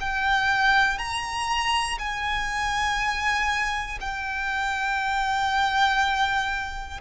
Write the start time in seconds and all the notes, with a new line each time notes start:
0.00 G5
0.98 A#5
1.99 G#5
4.00 G5